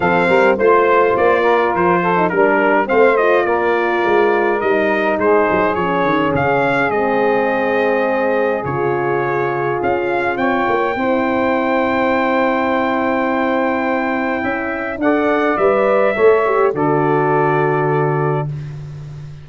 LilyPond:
<<
  \new Staff \with { instrumentName = "trumpet" } { \time 4/4 \tempo 4 = 104 f''4 c''4 d''4 c''4 | ais'4 f''8 dis''8 d''2 | dis''4 c''4 cis''4 f''4 | dis''2. cis''4~ |
cis''4 f''4 g''2~ | g''1~ | g''2 fis''4 e''4~ | e''4 d''2. | }
  \new Staff \with { instrumentName = "saxophone" } { \time 4/4 a'8 ais'8 c''4. ais'4 a'8 | ais'4 c''4 ais'2~ | ais'4 gis'2.~ | gis'1~ |
gis'2 cis''4 c''4~ | c''1~ | c''4 e''4 d''2 | cis''4 a'2. | }
  \new Staff \with { instrumentName = "horn" } { \time 4/4 c'4 f'2~ f'8. dis'16 | d'4 c'8 f'2~ f'8 | dis'2 cis'2 | c'2. f'4~ |
f'2. e'4~ | e'1~ | e'2 a'4 b'4 | a'8 g'8 fis'2. | }
  \new Staff \with { instrumentName = "tuba" } { \time 4/4 f8 g8 a4 ais4 f4 | g4 a4 ais4 gis4 | g4 gis8 fis8 f8 dis8 cis4 | gis2. cis4~ |
cis4 cis'4 c'8 ais8 c'4~ | c'1~ | c'4 cis'4 d'4 g4 | a4 d2. | }
>>